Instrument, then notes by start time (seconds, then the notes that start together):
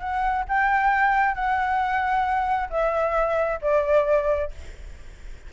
flute
0.00 F#5
0.48 G5
1.35 F#5
2.70 E5
3.62 D5